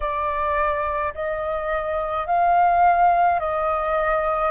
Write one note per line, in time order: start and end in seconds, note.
0.00 1.13 D5
1.14 2.26 D#5
2.26 3.39 F5
3.40 4.51 D#5